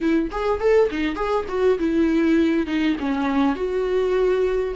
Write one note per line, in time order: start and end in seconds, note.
0.00 0.30 E4
0.31 0.59 G#4
0.59 0.89 A4
0.90 1.15 D#4
1.15 1.45 G#4
1.48 1.78 F#4
1.78 2.66 E4
2.66 2.96 D#4
2.99 3.55 C#4
3.55 4.74 F#4